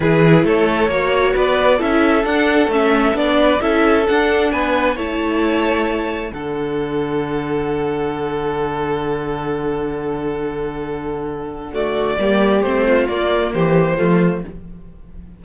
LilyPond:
<<
  \new Staff \with { instrumentName = "violin" } { \time 4/4 \tempo 4 = 133 b'4 cis''2 d''4 | e''4 fis''4 e''4 d''4 | e''4 fis''4 gis''4 a''4~ | a''2 fis''2~ |
fis''1~ | fis''1~ | fis''2 d''2 | c''4 d''4 c''2 | }
  \new Staff \with { instrumentName = "violin" } { \time 4/4 gis'4 a'4 cis''4 b'4 | a'2.~ a'8 b'8 | a'2 b'4 cis''4~ | cis''2 a'2~ |
a'1~ | a'1~ | a'2 fis'4 g'4~ | g'8 f'4. g'4 f'4 | }
  \new Staff \with { instrumentName = "viola" } { \time 4/4 e'2 fis'2 | e'4 d'4 cis'4 d'4 | e'4 d'2 e'4~ | e'2 d'2~ |
d'1~ | d'1~ | d'2 a4 ais4 | c'4 ais2 a4 | }
  \new Staff \with { instrumentName = "cello" } { \time 4/4 e4 a4 ais4 b4 | cis'4 d'4 a4 b4 | cis'4 d'4 b4 a4~ | a2 d2~ |
d1~ | d1~ | d2. g4 | a4 ais4 e4 f4 | }
>>